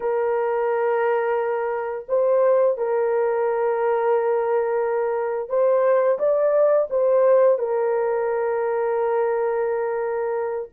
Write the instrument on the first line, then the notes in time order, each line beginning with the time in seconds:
horn
0.00 A#4
2.08 C5
2.77 A#4
5.49 C5
6.18 D5
6.90 C5
7.58 A#4